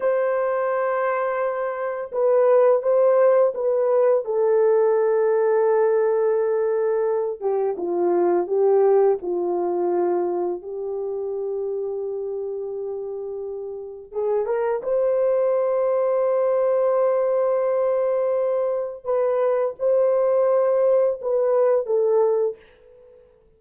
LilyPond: \new Staff \with { instrumentName = "horn" } { \time 4/4 \tempo 4 = 85 c''2. b'4 | c''4 b'4 a'2~ | a'2~ a'8 g'8 f'4 | g'4 f'2 g'4~ |
g'1 | gis'8 ais'8 c''2.~ | c''2. b'4 | c''2 b'4 a'4 | }